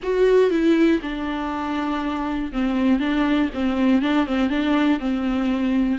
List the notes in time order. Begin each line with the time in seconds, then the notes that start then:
0.02 F#4
0.50 E4
1.02 D4
2.52 C4
2.99 D4
3.53 C4
4.01 D4
4.26 C4
4.49 D4
4.99 C4